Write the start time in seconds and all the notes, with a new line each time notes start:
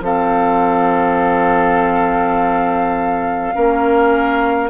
0.00 F3 C4 A4 F5
3.55 A#3 C#4 A#4